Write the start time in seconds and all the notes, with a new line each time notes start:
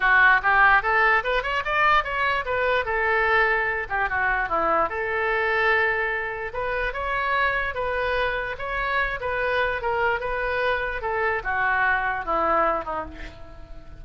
0.00 F#4
0.42 G4
0.82 A4
1.23 B4
1.42 C#5
1.64 D5
2.04 C#5
2.45 B4
2.85 A4
3.89 G4
4.09 F#4
4.49 E4
4.89 A4
6.53 B4
6.93 C#5
7.74 B4
8.58 C#5
9.20 B4
9.81 A#4
10.19 B4
11.01 A4
11.43 F#4
12.25 E4
12.84 D#4